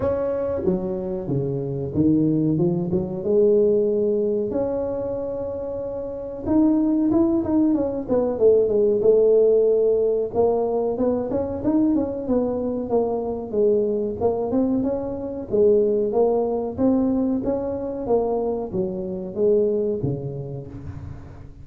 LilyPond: \new Staff \with { instrumentName = "tuba" } { \time 4/4 \tempo 4 = 93 cis'4 fis4 cis4 dis4 | f8 fis8 gis2 cis'4~ | cis'2 dis'4 e'8 dis'8 | cis'8 b8 a8 gis8 a2 |
ais4 b8 cis'8 dis'8 cis'8 b4 | ais4 gis4 ais8 c'8 cis'4 | gis4 ais4 c'4 cis'4 | ais4 fis4 gis4 cis4 | }